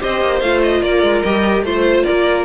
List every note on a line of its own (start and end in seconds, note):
0.00 0.21 C4
0.00 0.41 G4
0.00 0.81 C5
0.00 0.40 D#5
0.21 0.41 A#3
0.40 0.82 A3
0.40 1.25 F4
0.40 0.61 F5
0.62 0.82 D#5
0.81 1.02 A#3
0.81 1.63 A#4
0.81 1.22 D5
1.02 1.23 G#3
1.22 1.62 G3
1.22 1.65 G4
1.22 1.63 D#5
1.62 2.03 A3
1.62 2.45 F4
1.62 2.03 C5
1.62 2.05 C5
2.03 2.45 A#3
2.03 2.45 A#4
2.03 2.45 D5